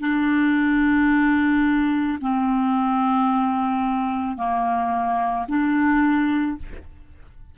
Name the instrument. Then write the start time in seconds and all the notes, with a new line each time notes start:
clarinet
0.00 D4
2.21 C4
4.37 A#3
5.48 D4